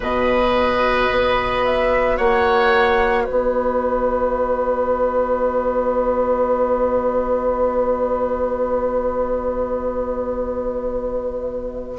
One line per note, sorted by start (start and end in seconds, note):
0.00 1.09 B2
0.00 11.98 F#4
0.00 2.17 B4
0.00 1.64 D#5
1.10 2.18 B3
1.64 2.17 E5
2.17 3.27 A#3
2.17 3.24 C#5
2.17 3.25 F#5
3.24 11.98 B3
3.24 11.96 B4
3.24 11.97 D#5